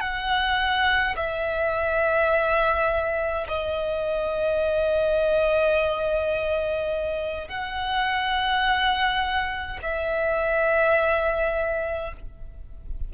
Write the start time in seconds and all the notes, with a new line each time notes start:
0.00 F#5
1.16 E5
3.48 D#5
7.48 F#5
9.82 E5